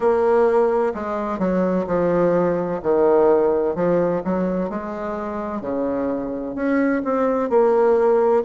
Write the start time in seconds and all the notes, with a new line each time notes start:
0.00 A#3
0.94 G#3
1.38 F#3
1.87 F3
2.82 D#3
3.75 F3
4.24 F#3
4.69 G#3
5.61 C#3
6.55 C#4
7.04 C4
7.49 A#3